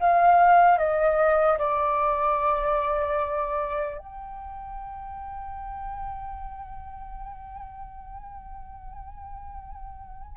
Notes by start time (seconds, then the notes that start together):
0.00 F5
0.78 D#5
1.59 D5
3.99 G5